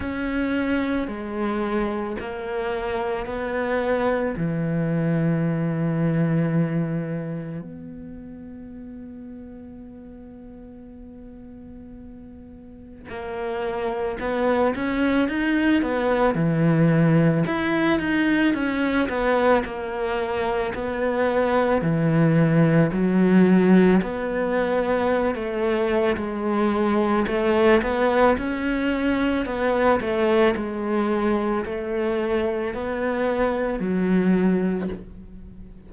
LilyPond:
\new Staff \with { instrumentName = "cello" } { \time 4/4 \tempo 4 = 55 cis'4 gis4 ais4 b4 | e2. b4~ | b1 | ais4 b8 cis'8 dis'8 b8 e4 |
e'8 dis'8 cis'8 b8 ais4 b4 | e4 fis4 b4~ b16 a8. | gis4 a8 b8 cis'4 b8 a8 | gis4 a4 b4 fis4 | }